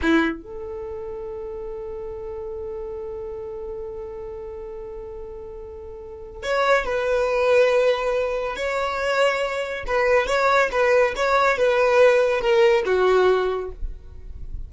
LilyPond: \new Staff \with { instrumentName = "violin" } { \time 4/4 \tempo 4 = 140 e'4 a'2.~ | a'1~ | a'1~ | a'2. cis''4 |
b'1 | cis''2. b'4 | cis''4 b'4 cis''4 b'4~ | b'4 ais'4 fis'2 | }